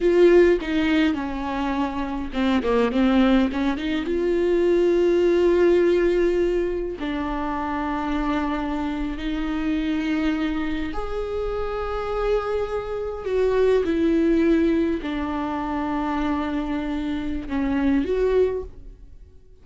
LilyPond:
\new Staff \with { instrumentName = "viola" } { \time 4/4 \tempo 4 = 103 f'4 dis'4 cis'2 | c'8 ais8 c'4 cis'8 dis'8 f'4~ | f'1 | d'2.~ d'8. dis'16~ |
dis'2~ dis'8. gis'4~ gis'16~ | gis'2~ gis'8. fis'4 e'16~ | e'4.~ e'16 d'2~ d'16~ | d'2 cis'4 fis'4 | }